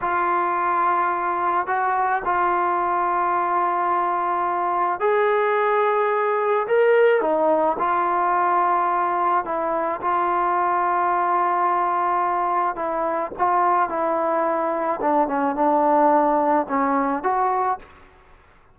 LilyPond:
\new Staff \with { instrumentName = "trombone" } { \time 4/4 \tempo 4 = 108 f'2. fis'4 | f'1~ | f'4 gis'2. | ais'4 dis'4 f'2~ |
f'4 e'4 f'2~ | f'2. e'4 | f'4 e'2 d'8 cis'8 | d'2 cis'4 fis'4 | }